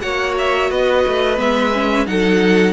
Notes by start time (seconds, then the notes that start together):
0.00 A#3 F#4 C#5 F#5
0.38 E5
0.70 B3 B4 D#5
1.07 A3
1.36 G#3 B3 E5
1.73 C#4
2.06 F#3 D#4 A4 F#5